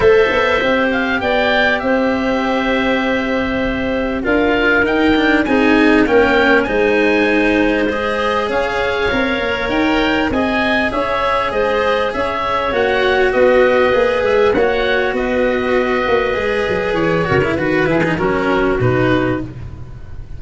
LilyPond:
<<
  \new Staff \with { instrumentName = "oboe" } { \time 4/4 \tempo 4 = 99 e''4. f''8 g''4 e''4~ | e''2. f''4 | g''4 gis''4 g''4 gis''4~ | gis''4 dis''4 f''2 |
g''4 gis''4 e''4 dis''4 | e''4 fis''4 dis''4. e''8 | fis''4 dis''2. | cis''4 b'8 gis'8 ais'4 b'4 | }
  \new Staff \with { instrumentName = "clarinet" } { \time 4/4 c''2 d''4 c''4~ | c''2. ais'4~ | ais'4 gis'4 ais'4 c''4~ | c''2 cis''2~ |
cis''4 dis''4 cis''4 c''4 | cis''2 b'2 | cis''4 b'2.~ | b'8 ais'8 b'4 fis'2 | }
  \new Staff \with { instrumentName = "cello" } { \time 4/4 a'4 g'2.~ | g'2. f'4 | dis'8 d'8 dis'4 cis'4 dis'4~ | dis'4 gis'2 ais'4~ |
ais'4 gis'2.~ | gis'4 fis'2 gis'4 | fis'2. gis'4~ | gis'8 fis'16 e'16 fis'8 e'16 dis'16 cis'4 dis'4 | }
  \new Staff \with { instrumentName = "tuba" } { \time 4/4 a8 b8 c'4 b4 c'4~ | c'2. d'4 | dis'4 c'4 ais4 gis4~ | gis2 cis'4 c'8 ais8 |
dis'4 c'4 cis'4 gis4 | cis'4 ais4 b4 ais8 gis8 | ais4 b4. ais8 gis8 fis8 | e8 cis8 dis8 e8 fis4 b,4 | }
>>